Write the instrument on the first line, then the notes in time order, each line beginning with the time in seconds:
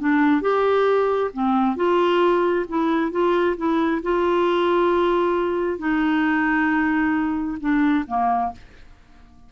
clarinet
0.00 D4
0.42 G4
1.34 C4
1.77 F4
2.69 E4
3.12 F4
3.57 E4
4.03 F4
5.79 D#4
7.60 D4
8.08 A#3